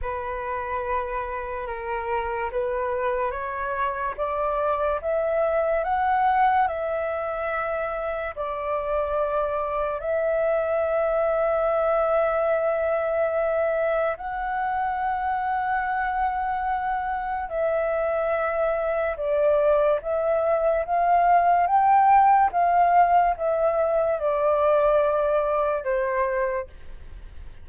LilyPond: \new Staff \with { instrumentName = "flute" } { \time 4/4 \tempo 4 = 72 b'2 ais'4 b'4 | cis''4 d''4 e''4 fis''4 | e''2 d''2 | e''1~ |
e''4 fis''2.~ | fis''4 e''2 d''4 | e''4 f''4 g''4 f''4 | e''4 d''2 c''4 | }